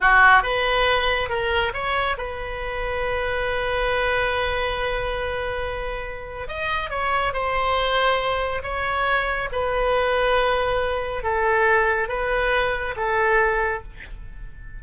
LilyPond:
\new Staff \with { instrumentName = "oboe" } { \time 4/4 \tempo 4 = 139 fis'4 b'2 ais'4 | cis''4 b'2.~ | b'1~ | b'2. dis''4 |
cis''4 c''2. | cis''2 b'2~ | b'2 a'2 | b'2 a'2 | }